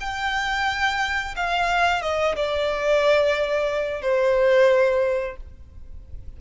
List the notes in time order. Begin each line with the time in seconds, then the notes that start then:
0.00 G5
1.36 F5
2.01 D#5
2.35 D5
4.01 C5